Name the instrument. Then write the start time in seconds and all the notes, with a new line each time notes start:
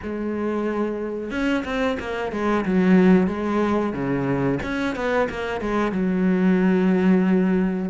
cello
0.02 G#3
1.30 C#4
1.64 C4
1.99 A#3
2.31 G#3
2.65 F#3
3.27 G#3
3.93 C#3
4.62 C#4
4.95 B3
5.29 A#3
5.60 G#3
5.92 F#3